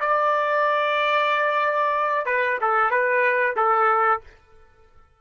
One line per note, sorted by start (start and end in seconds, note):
0.00 2.26 D5
2.26 2.58 B4
2.61 2.91 A4
2.91 3.55 B4
3.56 4.21 A4